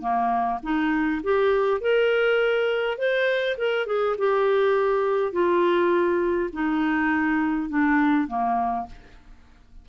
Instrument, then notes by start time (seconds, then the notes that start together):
clarinet
0.00 A#3
0.63 D#4
1.23 G4
1.81 A#4
2.98 C5
3.57 A#4
3.86 G#4
4.18 G4
5.32 F4
6.53 D#4
7.69 D4
8.28 A#3